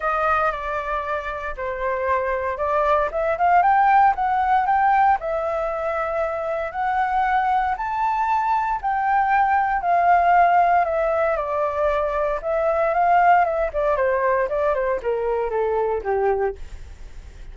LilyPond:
\new Staff \with { instrumentName = "flute" } { \time 4/4 \tempo 4 = 116 dis''4 d''2 c''4~ | c''4 d''4 e''8 f''8 g''4 | fis''4 g''4 e''2~ | e''4 fis''2 a''4~ |
a''4 g''2 f''4~ | f''4 e''4 d''2 | e''4 f''4 e''8 d''8 c''4 | d''8 c''8 ais'4 a'4 g'4 | }